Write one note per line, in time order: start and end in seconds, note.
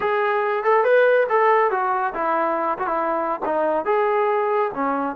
0.00 0.63 G#4
0.63 0.84 A4
0.84 1.26 B4
1.29 1.70 A4
1.70 2.13 F#4
2.14 2.78 E4
2.78 2.86 F#4
2.86 3.40 E4
3.45 3.85 D#4
3.85 4.71 G#4
4.74 5.15 C#4